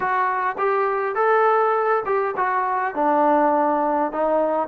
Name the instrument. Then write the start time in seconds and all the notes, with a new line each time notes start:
trombone
0.00 F#4
0.57 G4
1.15 A4
2.05 G4
2.36 F#4
2.94 D4
4.12 D#4